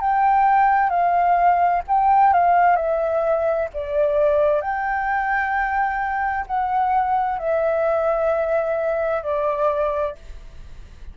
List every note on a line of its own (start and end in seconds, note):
0.00 0.89 G5
0.89 1.81 F5
1.87 2.33 G5
2.33 2.76 F5
2.76 3.68 E5
3.73 4.61 D5
4.61 6.45 G5
6.47 7.38 F#5
7.38 9.23 E5
9.23 10.15 D5